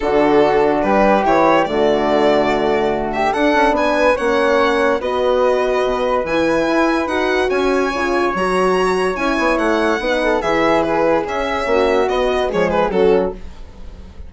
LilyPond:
<<
  \new Staff \with { instrumentName = "violin" } { \time 4/4 \tempo 4 = 144 a'2 b'4 cis''4 | d''2.~ d''8 e''8 | fis''4 gis''4 fis''2 | dis''2. gis''4~ |
gis''4 fis''4 gis''2 | ais''2 gis''4 fis''4~ | fis''4 e''4 b'4 e''4~ | e''4 dis''4 cis''8 b'8 a'4 | }
  \new Staff \with { instrumentName = "flute" } { \time 4/4 fis'2 g'2 | fis'2.~ fis'8 g'8 | a'4 b'4 cis''2 | b'1~ |
b'2 cis''2~ | cis''1 | b'8 a'8 gis'2. | fis'2 gis'4 fis'4 | }
  \new Staff \with { instrumentName = "horn" } { \time 4/4 d'2. e'4 | a1 | d'2 cis'2 | fis'2. e'4~ |
e'4 fis'2 f'4 | fis'2 e'2 | dis'4 e'2 cis'4~ | cis'4 b4 gis4 cis'4 | }
  \new Staff \with { instrumentName = "bassoon" } { \time 4/4 d2 g4 e4 | d1 | d'8 cis'8 b4 ais2 | b2 b,4 e4 |
e'4 dis'4 cis'4 cis4 | fis2 cis'8 b8 a4 | b4 e2 cis'4 | ais4 b4 f4 fis4 | }
>>